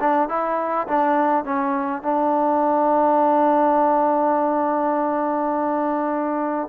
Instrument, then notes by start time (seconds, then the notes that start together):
trombone
0.00 D4
0.29 E4
0.87 D4
1.45 C#4
2.02 D4